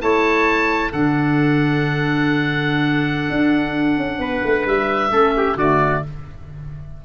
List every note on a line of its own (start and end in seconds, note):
0.00 0.93 A3
0.00 0.91 E4
0.00 0.92 C#5
0.00 0.92 A5
0.92 3.30 D3
0.92 5.11 D4
0.92 4.20 A4
0.92 4.67 F#5
3.30 3.97 D4
3.97 4.19 C#4
4.19 4.41 B3
4.19 5.11 B4
4.44 4.66 A3
4.66 5.11 G3
4.66 5.58 E5
5.11 5.56 A3
5.11 5.57 C#4
5.11 5.35 A4
5.37 5.58 G4
5.56 6.01 D3
5.56 6.05 A3
5.56 6.03 F#4
5.56 6.03 D5